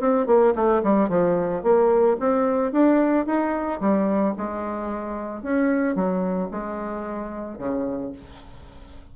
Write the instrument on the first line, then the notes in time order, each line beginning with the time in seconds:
bassoon
0.00 C4
0.27 A#3
0.55 A3
0.83 G3
1.09 F3
1.63 A#3
2.20 C4
2.72 D4
3.26 D#4
3.81 G3
4.37 G#3
5.43 C#4
5.95 F#3
6.51 G#3
7.58 C#3